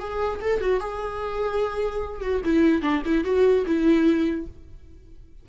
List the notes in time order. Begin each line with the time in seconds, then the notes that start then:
0.00 G#4
0.42 A4
0.61 F#4
0.80 G#4
2.22 F#4
2.45 E4
2.82 D4
3.06 E4
3.25 F#4
3.66 E4